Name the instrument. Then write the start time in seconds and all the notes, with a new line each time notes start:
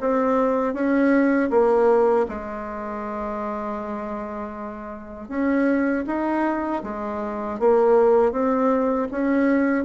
bassoon
0.00 C4
0.74 C#4
1.50 A#3
2.29 G#3
5.29 C#4
6.07 D#4
6.83 G#3
7.59 A#3
8.32 C4
9.11 C#4